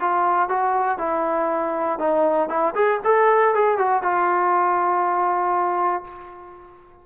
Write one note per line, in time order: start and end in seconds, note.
0.00 0.49 F4
0.49 0.98 F#4
0.98 1.99 E4
1.99 2.49 D#4
2.49 2.74 E4
2.75 3.00 G#4
3.04 3.54 A4
3.54 3.78 G#4
3.78 4.02 F#4
4.02 6.04 F4